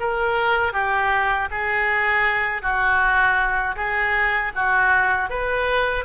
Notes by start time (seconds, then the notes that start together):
0.00 A#4
0.72 G4
1.51 G#4
2.62 F#4
3.76 G#4
4.55 F#4
5.30 B4